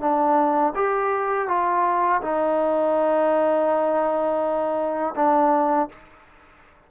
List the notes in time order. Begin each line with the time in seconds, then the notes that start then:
0.00 D4
0.75 G4
1.48 F4
2.22 D#4
5.15 D4